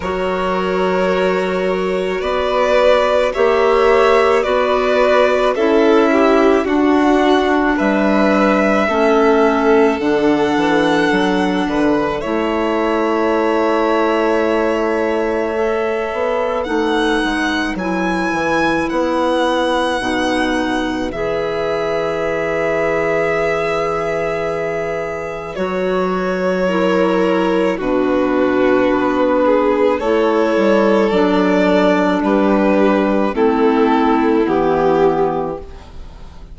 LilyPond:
<<
  \new Staff \with { instrumentName = "violin" } { \time 4/4 \tempo 4 = 54 cis''2 d''4 e''4 | d''4 e''4 fis''4 e''4~ | e''4 fis''2 e''4~ | e''2. fis''4 |
gis''4 fis''2 e''4~ | e''2. cis''4~ | cis''4 b'2 cis''4 | d''4 b'4 a'4 g'4 | }
  \new Staff \with { instrumentName = "violin" } { \time 4/4 ais'2 b'4 cis''4 | b'4 a'8 g'8 fis'4 b'4 | a'2~ a'8 b'8 cis''4~ | cis''2. b'4~ |
b'1~ | b'1 | ais'4 fis'4. gis'8 a'4~ | a'4 g'4 e'2 | }
  \new Staff \with { instrumentName = "clarinet" } { \time 4/4 fis'2. g'4 | fis'4 e'4 d'2 | cis'4 d'2 e'4~ | e'2 a'4 dis'4 |
e'2 dis'4 gis'4~ | gis'2. fis'4 | e'4 d'2 e'4 | d'2 c'4 b4 | }
  \new Staff \with { instrumentName = "bassoon" } { \time 4/4 fis2 b4 ais4 | b4 cis'4 d'4 g4 | a4 d8 e8 fis8 d8 a4~ | a2~ a8 b8 a8 gis8 |
fis8 e8 b4 b,4 e4~ | e2. fis4~ | fis4 b,4 b4 a8 g8 | fis4 g4 a4 e4 | }
>>